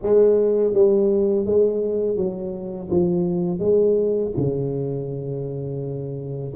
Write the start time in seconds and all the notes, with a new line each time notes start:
0.02 G#3
0.73 G3
1.45 G#3
2.16 F#3
2.89 F3
3.59 G#3
4.36 C#3